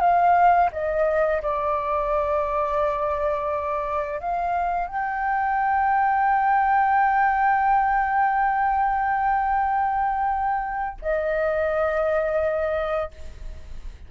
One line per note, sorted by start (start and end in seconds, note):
0.00 0.70 F5
0.72 1.41 D#5
1.42 4.20 D5
4.20 4.87 F5
4.87 10.98 G5
11.01 13.11 D#5